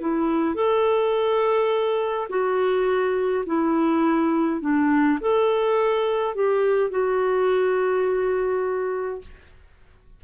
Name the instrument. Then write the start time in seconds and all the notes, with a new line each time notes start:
clarinet
0.00 E4
0.55 A4
2.29 F#4
3.46 E4
4.61 D4
5.20 A4
6.35 G4
6.90 F#4